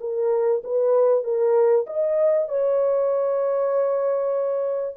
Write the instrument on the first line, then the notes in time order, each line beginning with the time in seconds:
horn
0.00 A#4
0.63 B4
1.23 A#4
1.86 D#5
2.48 C#5